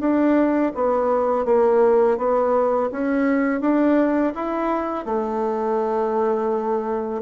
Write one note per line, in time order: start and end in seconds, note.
0.00 0.72 D4
0.75 1.45 B3
1.45 2.18 A#3
2.18 2.90 B3
2.92 3.61 C#4
3.61 4.33 D4
4.35 5.05 E4
5.05 7.22 A3